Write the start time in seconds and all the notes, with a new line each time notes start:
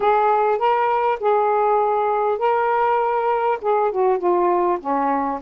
0.00 G#4
0.58 A#4
1.20 G#4
2.38 A#4
3.61 G#4
3.91 F#4
4.18 F4
4.80 C#4